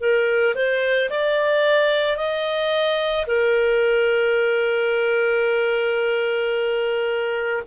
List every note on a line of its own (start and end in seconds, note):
0.00 0.55 A#4
0.55 1.10 C5
1.10 2.17 D5
2.17 3.26 D#5
3.27 7.63 A#4